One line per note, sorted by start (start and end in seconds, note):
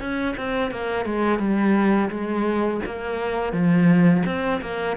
0.00 0.35 C#4
0.37 0.71 C4
0.71 1.05 A#3
1.05 1.39 G#3
1.39 2.10 G3
2.10 2.81 G#3
2.86 3.52 A#3
3.52 4.23 F3
4.26 4.61 C4
4.61 4.96 A#3